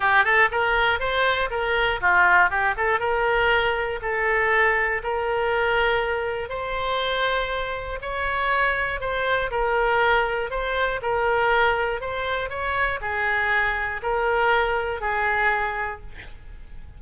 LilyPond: \new Staff \with { instrumentName = "oboe" } { \time 4/4 \tempo 4 = 120 g'8 a'8 ais'4 c''4 ais'4 | f'4 g'8 a'8 ais'2 | a'2 ais'2~ | ais'4 c''2. |
cis''2 c''4 ais'4~ | ais'4 c''4 ais'2 | c''4 cis''4 gis'2 | ais'2 gis'2 | }